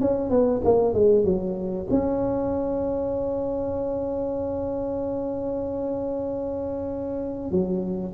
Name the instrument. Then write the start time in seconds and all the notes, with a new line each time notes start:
tuba
0.00 C#4
0.30 B3
0.64 A#3
0.93 G#3
1.24 F#3
1.90 C#4
7.51 F#3